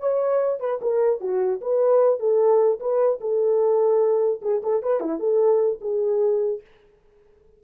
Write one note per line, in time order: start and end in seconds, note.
0.00 0.60 C#5
0.60 0.80 B4
0.82 1.21 A#4
1.21 1.61 F#4
1.61 2.19 B4
2.19 2.79 A4
2.80 3.20 B4
3.21 4.41 A4
4.42 4.62 G#4
4.63 4.83 A4
4.83 5.00 B4
5.00 5.19 E4
5.19 5.79 A4
5.81 6.61 G#4